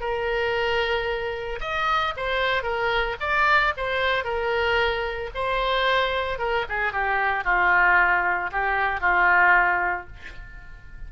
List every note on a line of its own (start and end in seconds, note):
0.00 1.59 A#4
1.60 2.14 D#5
2.16 2.63 C5
2.63 3.16 A#4
3.20 3.73 D5
3.77 4.24 C5
4.24 5.30 A#4
5.35 6.39 C5
6.39 6.65 A#4
6.69 6.92 G#4
6.92 7.44 G4
7.44 8.50 F4
8.51 9.00 G4
9.00 10.07 F4